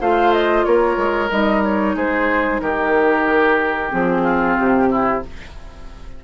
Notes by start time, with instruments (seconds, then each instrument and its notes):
0.00 bassoon A3, clarinet F4, oboe C5, flute F5
0.33 flute D#5
0.65 bassoon A#3, oboe A#4, flute C#5
0.97 bassoon G#3
1.30 bassoon G3, clarinet D#4, flute D#5
1.63 flute C#5
1.95 bassoon G#3, oboe G#4, flute C5
2.60 bassoon D#3, oboe G4, flute A#4
3.90 bassoon F3, clarinet C4, flute G#4
4.22 oboe F4
4.58 bassoon C3, flute G4
4.91 oboe E4